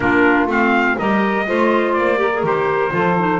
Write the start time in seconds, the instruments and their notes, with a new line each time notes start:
0.00 double bass A#3, clarinet D4, saxophone F4, trumpet A#4
0.46 double bass A3, clarinet C4, trumpet F5
0.97 double bass G3, clarinet G4, saxophone A#4, trumpet D#5
1.46 double bass A3, clarinet F4, saxophone C5
1.93 double bass A#3, trumpet D5
2.17 clarinet G4, saxophone A#4
2.33 clarinet G#4
2.43 double bass D#3, clarinet G4, trumpet C5
2.91 double bass F3, clarinet F4, saxophone A4
3.18 clarinet D#4